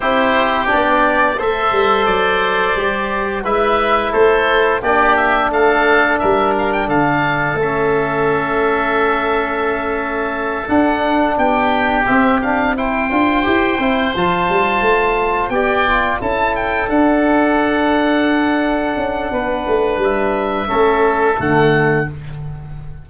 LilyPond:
<<
  \new Staff \with { instrumentName = "oboe" } { \time 4/4 \tempo 4 = 87 c''4 d''4 e''4 d''4~ | d''4 e''4 c''4 d''8 e''8 | f''4 e''8 f''16 g''16 f''4 e''4~ | e''2.~ e''8 fis''8~ |
fis''8 g''4 e''8 f''8 g''4.~ | g''8 a''2 g''4 a''8 | g''8 fis''2.~ fis''8~ | fis''4 e''2 fis''4 | }
  \new Staff \with { instrumentName = "oboe" } { \time 4/4 g'2 c''2~ | c''4 b'4 a'4 g'4 | a'4 ais'4 a'2~ | a'1~ |
a'8 g'2 c''4.~ | c''2~ c''8 d''4 a'8~ | a'1 | b'2 a'2 | }
  \new Staff \with { instrumentName = "trombone" } { \time 4/4 e'4 d'4 a'2 | g'4 e'2 d'4~ | d'2. cis'4~ | cis'2.~ cis'8 d'8~ |
d'4. c'8 d'8 e'8 f'8 g'8 | e'8 f'2 g'8 f'8 e'8~ | e'8 d'2.~ d'8~ | d'2 cis'4 a4 | }
  \new Staff \with { instrumentName = "tuba" } { \time 4/4 c'4 b4 a8 g8 fis4 | g4 gis4 a4 ais4 | a4 g4 d4 a4~ | a2.~ a8 d'8~ |
d'8 b4 c'4. d'8 e'8 | c'8 f8 g8 a4 b4 cis'8~ | cis'8 d'2. cis'8 | b8 a8 g4 a4 d4 | }
>>